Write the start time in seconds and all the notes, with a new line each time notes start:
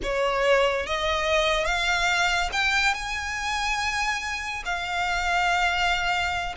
0.02 C#5
0.86 D#5
1.65 F5
2.52 G5
2.94 G#5
4.65 F5